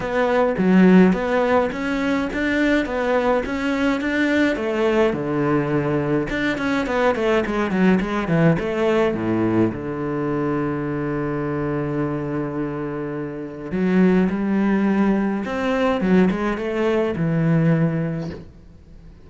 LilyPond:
\new Staff \with { instrumentName = "cello" } { \time 4/4 \tempo 4 = 105 b4 fis4 b4 cis'4 | d'4 b4 cis'4 d'4 | a4 d2 d'8 cis'8 | b8 a8 gis8 fis8 gis8 e8 a4 |
a,4 d2.~ | d1 | fis4 g2 c'4 | fis8 gis8 a4 e2 | }